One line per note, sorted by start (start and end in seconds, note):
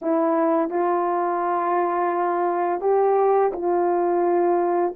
0.01 0.70 E4
0.70 2.80 F4
2.80 3.51 G4
3.52 4.93 F4